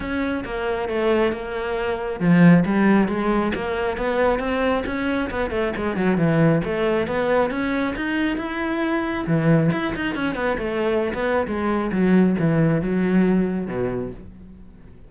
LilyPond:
\new Staff \with { instrumentName = "cello" } { \time 4/4 \tempo 4 = 136 cis'4 ais4 a4 ais4~ | ais4 f4 g4 gis4 | ais4 b4 c'4 cis'4 | b8 a8 gis8 fis8 e4 a4 |
b4 cis'4 dis'4 e'4~ | e'4 e4 e'8 dis'8 cis'8 b8 | a4~ a16 b8. gis4 fis4 | e4 fis2 b,4 | }